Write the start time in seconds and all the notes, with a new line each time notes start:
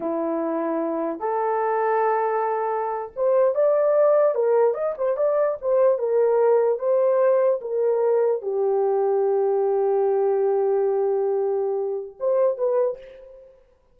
0.00 E4
1.19 A4
3.15 C5
3.54 D5
4.34 A#4
4.74 D#5
4.97 C5
5.17 D5
5.61 C5
5.98 A#4
6.79 C5
7.61 A#4
8.42 G4
12.19 C5
12.57 B4